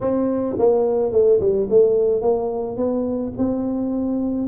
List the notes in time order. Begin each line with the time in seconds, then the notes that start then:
0.01 C4
0.58 A#3
1.11 A3
1.40 G3
1.69 A3
2.21 A#3
2.76 B3
3.37 C4